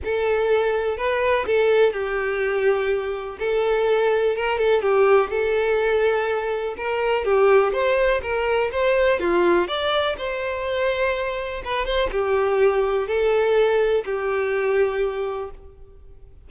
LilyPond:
\new Staff \with { instrumentName = "violin" } { \time 4/4 \tempo 4 = 124 a'2 b'4 a'4 | g'2. a'4~ | a'4 ais'8 a'8 g'4 a'4~ | a'2 ais'4 g'4 |
c''4 ais'4 c''4 f'4 | d''4 c''2. | b'8 c''8 g'2 a'4~ | a'4 g'2. | }